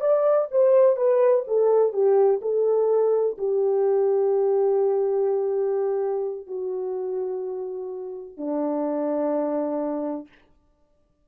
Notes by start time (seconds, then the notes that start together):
0.00 D5
0.51 C5
0.97 B4
1.47 A4
1.93 G4
2.42 A4
3.38 G4
6.47 F#4
8.37 D4